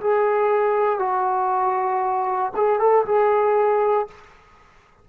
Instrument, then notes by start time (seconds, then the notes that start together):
trombone
0.00 G#4
0.99 F#4
2.56 G#4
2.79 A4
3.05 G#4